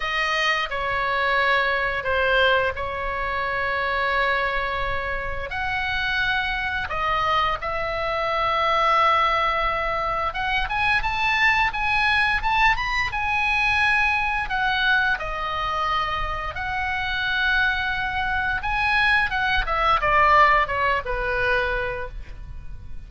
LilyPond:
\new Staff \with { instrumentName = "oboe" } { \time 4/4 \tempo 4 = 87 dis''4 cis''2 c''4 | cis''1 | fis''2 dis''4 e''4~ | e''2. fis''8 gis''8 |
a''4 gis''4 a''8 b''8 gis''4~ | gis''4 fis''4 dis''2 | fis''2. gis''4 | fis''8 e''8 d''4 cis''8 b'4. | }